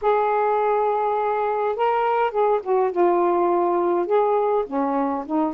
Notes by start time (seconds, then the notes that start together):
0.01 G#4
1.76 A#4
2.31 G#4
2.62 F#4
2.91 F4
4.06 G#4
4.66 C#4
5.26 D#4